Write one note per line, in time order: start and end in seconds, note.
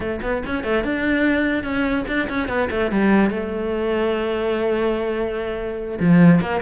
0.00 0.20 A3
0.22 0.42 B3
0.46 0.63 C#4
0.63 0.84 A3
0.84 1.63 D4
1.63 2.04 C#4
2.07 2.28 D4
2.29 2.48 C#4
2.48 2.69 B3
2.70 2.91 A3
2.91 3.30 G3
3.30 5.98 A3
6.00 6.40 F3
6.40 6.61 A#3